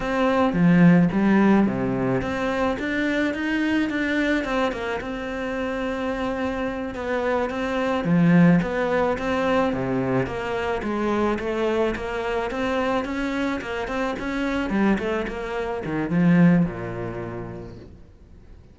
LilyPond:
\new Staff \with { instrumentName = "cello" } { \time 4/4 \tempo 4 = 108 c'4 f4 g4 c4 | c'4 d'4 dis'4 d'4 | c'8 ais8 c'2.~ | c'8 b4 c'4 f4 b8~ |
b8 c'4 c4 ais4 gis8~ | gis8 a4 ais4 c'4 cis'8~ | cis'8 ais8 c'8 cis'4 g8 a8 ais8~ | ais8 dis8 f4 ais,2 | }